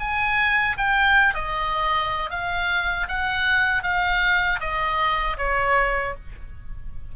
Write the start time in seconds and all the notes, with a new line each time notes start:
0.00 G#5
0.78 G5
1.35 D#5
2.31 F5
3.09 F#5
3.84 F5
4.60 D#5
5.38 C#5